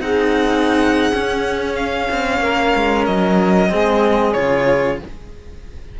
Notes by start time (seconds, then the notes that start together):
0.00 C4 D#4 G#4 F#5
1.11 C#4
1.76 F5
2.11 C4
2.40 A#3 A#4
2.76 G#3
3.06 F#3 D#5
3.70 G#3 C4 G#4
4.33 C#3 F4 C#5